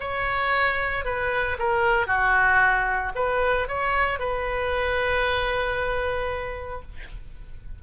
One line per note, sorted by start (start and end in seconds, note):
0.00 1.05 C#5
1.05 1.58 B4
1.59 2.07 A#4
2.07 3.12 F#4
3.16 3.68 B4
3.68 4.19 C#5
4.19 6.82 B4